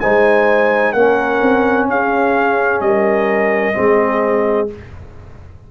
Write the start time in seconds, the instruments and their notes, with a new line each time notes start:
0.00 tuba G#3, trombone D#4, horn C5, trumpet G#5
0.93 tuba A#3, trombone C#4, horn A#4, trumpet F#5
1.42 tuba C4
1.88 tuba C#4, horn G#4, trumpet F5
2.81 tuba G3, horn A#4, trumpet D#5
3.74 tuba G#3, trombone C4, horn G#4